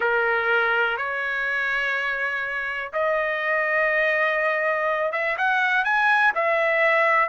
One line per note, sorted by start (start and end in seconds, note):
0.00 0.97 A#4
0.97 2.92 C#5
2.92 5.12 D#5
5.12 5.36 E5
5.37 5.84 F#5
5.84 6.33 G#5
6.34 7.29 E5